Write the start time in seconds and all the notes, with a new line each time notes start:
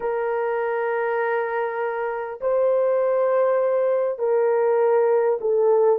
0.00 A#4
2.40 C5
4.18 A#4
5.41 A4